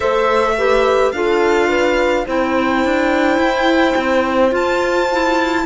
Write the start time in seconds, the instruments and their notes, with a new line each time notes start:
0.00 cello A3, clarinet A4, horn C5, violin E5
0.57 clarinet G4, horn B4
1.12 cello D4, clarinet F4, horn A4, violin F5
1.68 horn B4
2.25 cello C4, clarinet E4, horn C5, violin G5
2.84 cello D4
3.37 cello E4
3.96 cello C4
4.50 clarinet F4, cello F4, violin A5
5.12 clarinet E4